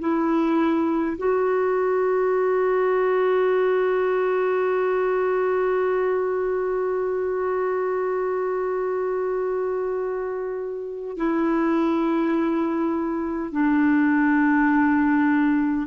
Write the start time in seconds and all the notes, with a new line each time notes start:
0.00 E4
1.18 F#4
11.17 E4
13.52 D4